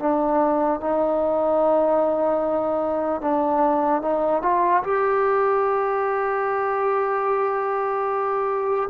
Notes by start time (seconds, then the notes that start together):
0.00 D4
0.81 D#4
3.21 D4
4.02 D#4
4.43 F4
4.84 G4